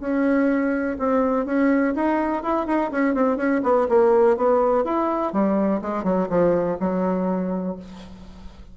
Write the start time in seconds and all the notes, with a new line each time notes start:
0.00 C#4
0.99 C4
1.46 C#4
1.95 D#4
2.42 E4
2.66 D#4
2.91 C#4
3.14 C4
3.37 C#4
3.63 B3
3.89 A#3
4.37 B3
4.84 E4
5.33 G3
5.81 G#3
6.04 F#3
6.29 F3
6.80 F#3